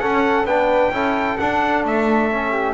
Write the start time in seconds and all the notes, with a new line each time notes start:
0.00 C#4 A4 F#5
0.45 B3 D4 B4 G5
0.91 C#4 E4 A4
1.38 D4 F#5
1.84 A3 E5
2.32 C#4
2.51 G4